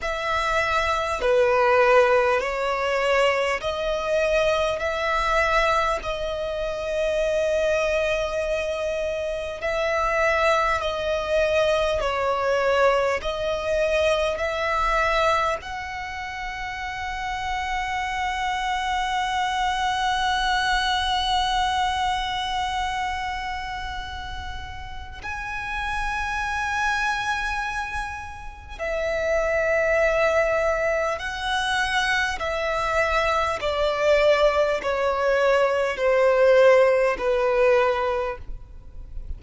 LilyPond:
\new Staff \with { instrumentName = "violin" } { \time 4/4 \tempo 4 = 50 e''4 b'4 cis''4 dis''4 | e''4 dis''2. | e''4 dis''4 cis''4 dis''4 | e''4 fis''2.~ |
fis''1~ | fis''4 gis''2. | e''2 fis''4 e''4 | d''4 cis''4 c''4 b'4 | }